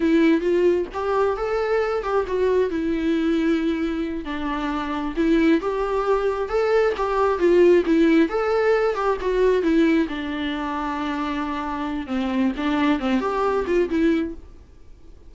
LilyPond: \new Staff \with { instrumentName = "viola" } { \time 4/4 \tempo 4 = 134 e'4 f'4 g'4 a'4~ | a'8 g'8 fis'4 e'2~ | e'4. d'2 e'8~ | e'8 g'2 a'4 g'8~ |
g'8 f'4 e'4 a'4. | g'8 fis'4 e'4 d'4.~ | d'2. c'4 | d'4 c'8 g'4 f'8 e'4 | }